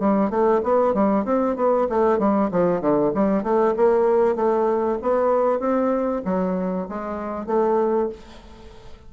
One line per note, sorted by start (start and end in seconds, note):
0.00 0.30 G3
0.30 0.61 A3
0.63 0.94 B3
0.94 1.25 G3
1.25 1.56 C4
1.56 1.88 B3
1.89 2.19 A3
2.19 2.50 G3
2.51 2.81 F3
2.81 3.12 D3
3.14 3.43 G3
3.43 3.75 A3
3.76 4.36 A#3
4.36 4.98 A3
5.02 5.60 B3
5.60 6.22 C4
6.25 6.88 F#3
6.89 7.47 G#3
7.47 8.09 A3